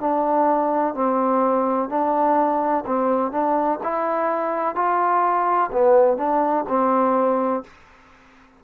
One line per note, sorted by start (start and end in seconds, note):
0.00 0.94 D4
0.94 1.89 C4
1.89 2.84 D4
2.86 3.32 C4
3.32 3.79 D4
3.83 4.75 E4
4.75 5.71 F4
5.72 6.17 B3
6.17 6.65 D4
6.68 7.64 C4